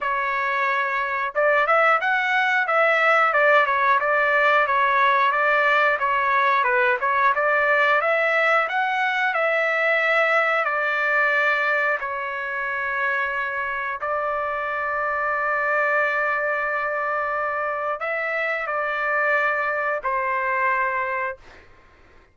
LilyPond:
\new Staff \with { instrumentName = "trumpet" } { \time 4/4 \tempo 4 = 90 cis''2 d''8 e''8 fis''4 | e''4 d''8 cis''8 d''4 cis''4 | d''4 cis''4 b'8 cis''8 d''4 | e''4 fis''4 e''2 |
d''2 cis''2~ | cis''4 d''2.~ | d''2. e''4 | d''2 c''2 | }